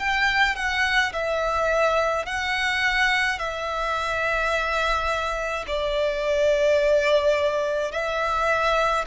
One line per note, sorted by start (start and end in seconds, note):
0.00 0.56 G5
0.56 1.13 F#5
1.13 2.26 E5
2.26 3.39 F#5
3.39 5.66 E5
5.68 7.92 D5
7.92 9.05 E5